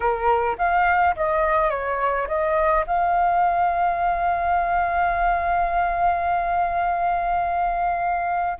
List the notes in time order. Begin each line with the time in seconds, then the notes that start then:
0.00 A#4
0.58 F5
1.16 D#5
1.70 C#5
2.27 D#5
2.86 F5